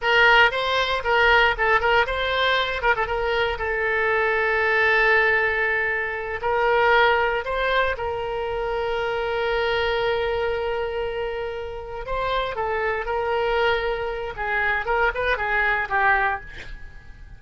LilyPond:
\new Staff \with { instrumentName = "oboe" } { \time 4/4 \tempo 4 = 117 ais'4 c''4 ais'4 a'8 ais'8 | c''4. ais'16 a'16 ais'4 a'4~ | a'1~ | a'8 ais'2 c''4 ais'8~ |
ais'1~ | ais'2.~ ais'8 c''8~ | c''8 a'4 ais'2~ ais'8 | gis'4 ais'8 b'8 gis'4 g'4 | }